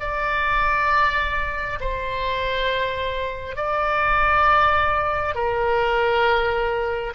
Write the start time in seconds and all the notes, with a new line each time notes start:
0.00 D5
1.80 C5
3.56 D5
5.34 A#4